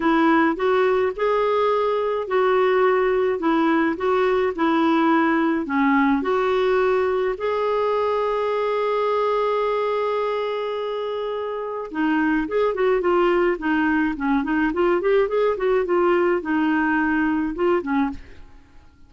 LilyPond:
\new Staff \with { instrumentName = "clarinet" } { \time 4/4 \tempo 4 = 106 e'4 fis'4 gis'2 | fis'2 e'4 fis'4 | e'2 cis'4 fis'4~ | fis'4 gis'2.~ |
gis'1~ | gis'4 dis'4 gis'8 fis'8 f'4 | dis'4 cis'8 dis'8 f'8 g'8 gis'8 fis'8 | f'4 dis'2 f'8 cis'8 | }